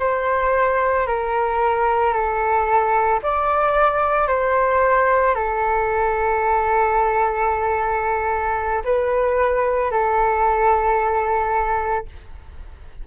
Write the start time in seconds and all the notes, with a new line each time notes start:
0.00 C5
1.07 A#4
2.13 A4
3.23 D5
4.28 C5
5.35 A4
8.85 B4
9.92 A4